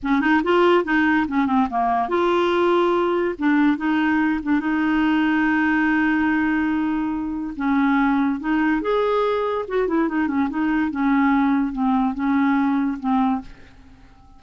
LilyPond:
\new Staff \with { instrumentName = "clarinet" } { \time 4/4 \tempo 4 = 143 cis'8 dis'8 f'4 dis'4 cis'8 c'8 | ais4 f'2. | d'4 dis'4. d'8 dis'4~ | dis'1~ |
dis'2 cis'2 | dis'4 gis'2 fis'8 e'8 | dis'8 cis'8 dis'4 cis'2 | c'4 cis'2 c'4 | }